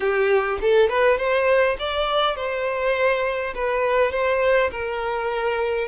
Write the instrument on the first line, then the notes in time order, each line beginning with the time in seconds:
violin
0.00 G4
0.61 A4
0.89 B4
1.17 C5
1.79 D5
2.36 C5
3.55 B4
4.11 C5
4.71 A#4